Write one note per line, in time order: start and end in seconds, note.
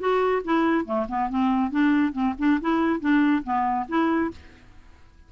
0.00 0.43 F#4
0.45 0.86 E4
0.86 1.07 A3
1.09 1.30 B3
1.30 1.71 C4
1.71 2.13 D4
2.13 2.35 C4
2.39 2.60 D4
2.61 3.00 E4
3.00 3.43 D4
3.44 3.87 B3
3.89 4.31 E4